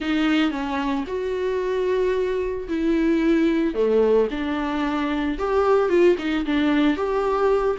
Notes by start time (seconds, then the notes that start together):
0.00 D#4
0.50 C#4
1.07 F#4
2.68 E4
3.74 A3
4.30 D4
5.38 G4
5.89 F4
6.18 D#4
6.45 D4
6.96 G4